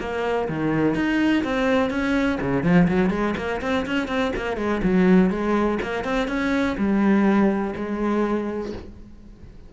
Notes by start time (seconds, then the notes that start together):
0.00 A#3
0.49 D#3
0.95 D#4
1.44 C4
1.90 C#4
2.41 C#3
2.63 F3
2.88 F#3
3.10 G#3
3.37 A#3
3.62 C4
3.86 C#4
4.08 C4
4.36 A#3
4.57 G#3
4.83 F#3
5.30 G#3
5.82 A#3
6.04 C4
6.28 C#4
6.78 G3
7.76 G#3